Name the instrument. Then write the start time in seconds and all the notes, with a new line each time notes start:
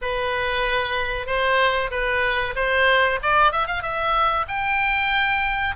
oboe
0.01 B4
1.26 C5
1.90 B4
2.55 C5
3.22 D5
3.51 E5
3.66 F5
3.82 E5
4.48 G5